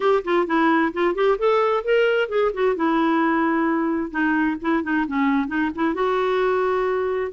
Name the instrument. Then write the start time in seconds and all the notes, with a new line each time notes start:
clarinet
0.00 G4
0.24 F4
0.46 E4
0.93 F4
1.15 G4
1.38 A4
1.83 A#4
2.28 G#4
2.53 F#4
2.75 E4
4.10 D#4
4.61 E4
4.83 D#4
5.07 C#4
5.47 D#4
5.75 E4
5.94 F#4